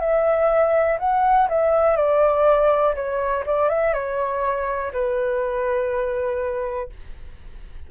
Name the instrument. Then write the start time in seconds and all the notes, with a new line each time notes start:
flute
0.00 E5
0.99 F#5
1.49 E5
1.96 D5
2.95 C#5
3.46 D5
3.69 E5
3.93 C#5
4.93 B4